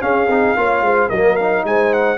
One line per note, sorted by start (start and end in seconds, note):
0.00 0.27 C#4
0.00 0.28 C#4
0.00 0.57 G#4
0.00 1.09 F5
0.28 0.55 C4
0.28 0.56 D#4
0.57 0.81 A#3
0.57 1.11 F4
0.57 0.84 C#5
0.81 1.08 G#3
0.81 1.09 C5
1.09 1.64 F#3
1.09 1.39 A#3
1.09 1.63 A#4
1.09 1.36 D#5
1.36 2.17 D#4
1.36 1.63 F5
1.64 2.17 G#3
1.64 2.17 C5
1.64 1.93 G#5
1.93 2.17 F#5